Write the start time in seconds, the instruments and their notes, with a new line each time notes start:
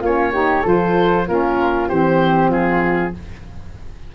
0.00 tuba A#3, saxophone C#4, flute F4, oboe C#5
0.33 saxophone D#4, flute G4
0.63 tuba F3, saxophone F4, flute A4, oboe C5
1.28 tuba A#3, saxophone C#4, flute F4, oboe A#4
1.89 tuba E3, saxophone C4, flute G4, oboe C5
2.49 tuba F3, flute F4, oboe G#4